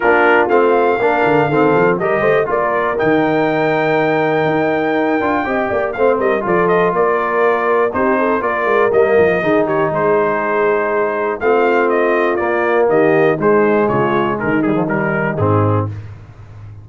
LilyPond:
<<
  \new Staff \with { instrumentName = "trumpet" } { \time 4/4 \tempo 4 = 121 ais'4 f''2. | dis''4 d''4 g''2~ | g''1 | f''8 dis''8 d''8 dis''8 d''2 |
c''4 d''4 dis''4. cis''8 | c''2. f''4 | dis''4 d''4 dis''4 c''4 | cis''4 ais'8 gis'8 ais'4 gis'4 | }
  \new Staff \with { instrumentName = "horn" } { \time 4/4 f'2 ais'4 a'4 | ais'8 c''8 ais'2.~ | ais'2. dis''8 d''8 | c''8 ais'8 a'4 ais'2 |
g'8 a'8 ais'2 gis'8 g'8 | gis'2. f'4~ | f'2 g'4 dis'4 | f'4 dis'2. | }
  \new Staff \with { instrumentName = "trombone" } { \time 4/4 d'4 c'4 d'4 c'4 | g'4 f'4 dis'2~ | dis'2~ dis'8 f'8 g'4 | c'4 f'2. |
dis'4 f'4 ais4 dis'4~ | dis'2. c'4~ | c'4 ais2 gis4~ | gis4. g16 f16 g4 c'4 | }
  \new Staff \with { instrumentName = "tuba" } { \time 4/4 ais4 a4 ais8 d8 dis8 f8 | g8 a8 ais4 dis2~ | dis4 dis'4. d'8 c'8 ais8 | a8 g8 f4 ais2 |
c'4 ais8 gis8 g8 f8 dis4 | gis2. a4~ | a4 ais4 dis4 gis4 | cis4 dis2 gis,4 | }
>>